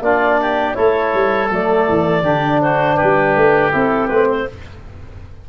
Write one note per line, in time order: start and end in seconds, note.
0.00 0.74 A#3
0.00 0.74 D4
0.00 0.40 F4
0.00 0.75 D5
0.41 0.77 G4
0.74 1.14 A3
0.74 1.48 E4
0.74 2.23 A4
0.74 1.49 C#5
1.14 1.51 G3
1.51 1.88 F#3
1.51 2.23 A3
1.51 2.62 D5
1.89 2.22 E3
2.22 2.96 D3
2.22 3.72 D4
2.22 2.60 G4
2.62 2.96 F#4
2.62 2.97 C5
2.96 4.44 G4
2.96 3.71 B4
3.03 3.36 G3
3.36 3.73 A3
3.72 4.10 C4
3.72 4.09 E4
3.72 4.08 A4
4.08 4.47 A3
4.08 4.49 C4
4.08 4.26 B4
4.30 4.48 C5